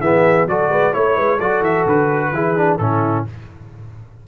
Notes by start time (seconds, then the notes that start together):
0.00 E3 B3 G#4 E5
0.46 F#3 F#4 A4 D5
0.68 G#3 B4
0.93 A3 E4 C#5
1.16 G#3 B4
1.37 F#3 F#4 A4 D5
1.60 E3 E5
1.85 D3 B4
2.32 E3 E4 G#4
2.56 D4
2.78 A2 C#4 E4 A4